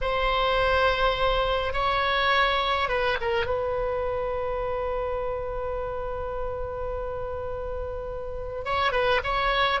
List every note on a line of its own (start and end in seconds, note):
0.01 1.73 C5
1.73 2.88 C#5
2.88 3.17 B4
3.20 3.46 A#4
3.46 8.64 B4
8.64 8.92 C#5
8.92 9.20 B4
9.23 9.80 C#5